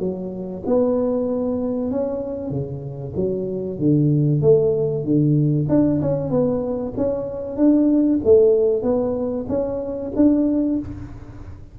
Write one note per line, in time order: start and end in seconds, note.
0.00 0.63 F#3
0.67 1.91 B3
1.91 2.51 C#4
2.51 3.14 C#3
3.16 3.79 F#3
3.79 4.42 D3
4.42 5.05 A3
5.05 5.68 D3
5.70 6.01 D4
6.02 6.31 C#4
6.31 6.94 B3
6.97 7.57 C#4
7.57 8.20 D4
8.25 8.83 A3
8.83 9.46 B3
9.49 10.12 C#4
10.16 10.79 D4